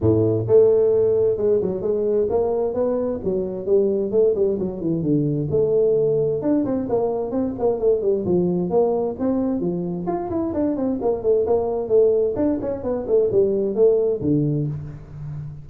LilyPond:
\new Staff \with { instrumentName = "tuba" } { \time 4/4 \tempo 4 = 131 a,4 a2 gis8 fis8 | gis4 ais4 b4 fis4 | g4 a8 g8 fis8 e8 d4 | a2 d'8 c'8 ais4 |
c'8 ais8 a8 g8 f4 ais4 | c'4 f4 f'8 e'8 d'8 c'8 | ais8 a8 ais4 a4 d'8 cis'8 | b8 a8 g4 a4 d4 | }